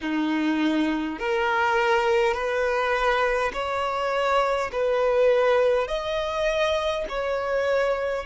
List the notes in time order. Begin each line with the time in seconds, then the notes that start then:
0.01 D#4
1.19 A#4
2.34 B4
3.53 C#5
4.72 B4
5.87 D#5
7.09 C#5